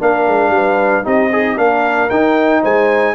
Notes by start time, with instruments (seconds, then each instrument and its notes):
0.00 tuba A#3, trombone D4, horn A#4, trumpet F5
0.28 tuba G#3
0.50 tuba G3, horn B4
1.04 tuba C4, trombone D#4, horn G4, trumpet D#5
1.32 horn D#4, trombone G#4
1.57 tuba A#3, trombone D4, horn A#4, trumpet F5
2.10 tuba D#4, trombone D#4, trumpet G5
2.62 tuba G#3, horn C5, trumpet G#5